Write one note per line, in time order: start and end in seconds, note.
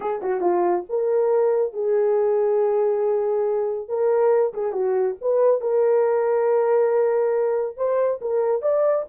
0.00 0.21 G#4
0.21 0.40 F#4
0.40 0.83 F4
0.89 1.73 A#4
1.73 3.88 G#4
3.88 4.53 A#4
4.53 4.72 G#4
4.72 5.15 F#4
5.21 5.61 B4
5.61 7.76 A#4
7.77 8.20 C5
8.21 8.62 A#4
8.62 9.05 D5